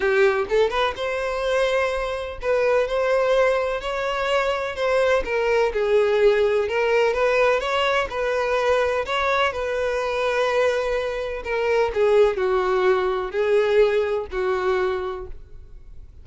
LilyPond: \new Staff \with { instrumentName = "violin" } { \time 4/4 \tempo 4 = 126 g'4 a'8 b'8 c''2~ | c''4 b'4 c''2 | cis''2 c''4 ais'4 | gis'2 ais'4 b'4 |
cis''4 b'2 cis''4 | b'1 | ais'4 gis'4 fis'2 | gis'2 fis'2 | }